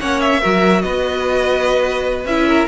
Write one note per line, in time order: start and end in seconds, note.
0.00 0.42 A#3
0.00 0.42 C#4
0.00 0.41 C#5
0.00 0.21 F#5
0.21 0.82 E5
0.41 0.84 F#3
0.41 2.27 F#4
0.41 0.82 A#4
0.82 2.25 B3
0.82 2.48 B4
0.82 2.26 D#5
2.25 2.66 C#4
2.25 2.69 E4
2.25 2.68 E5
2.48 2.69 A#4